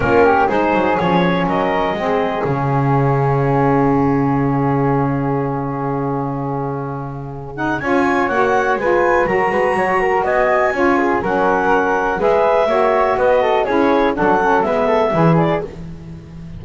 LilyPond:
<<
  \new Staff \with { instrumentName = "clarinet" } { \time 4/4 \tempo 4 = 123 ais'4 c''4 cis''4 dis''4~ | dis''4 f''2.~ | f''1~ | f''2.~ f''8 fis''8 |
gis''4 fis''4 gis''4 ais''4~ | ais''4 gis''2 fis''4~ | fis''4 e''2 dis''4 | cis''4 fis''4 e''4. d''8 | }
  \new Staff \with { instrumentName = "flute" } { \time 4/4 f'8 g'8 gis'2 ais'4 | gis'1~ | gis'1~ | gis'1 |
cis''2 b'4 ais'8 b'8 | cis''8 ais'8 dis''4 cis''8 gis'8 ais'4~ | ais'4 b'4 cis''4 b'8 a'8 | gis'4 a'4 b'8 a'8 gis'4 | }
  \new Staff \with { instrumentName = "saxophone" } { \time 4/4 cis'4 dis'4 cis'2 | c'4 cis'2.~ | cis'1~ | cis'2.~ cis'8 dis'8 |
f'4 fis'4 f'4 fis'4~ | fis'2 f'4 cis'4~ | cis'4 gis'4 fis'2 | e'4 d'8 cis'8 b4 e'4 | }
  \new Staff \with { instrumentName = "double bass" } { \time 4/4 ais4 gis8 fis8 f4 fis4 | gis4 cis2.~ | cis1~ | cis1 |
cis'4 ais4 gis4 fis8 gis8 | fis4 b4 cis'4 fis4~ | fis4 gis4 ais4 b4 | cis'4 fis4 gis4 e4 | }
>>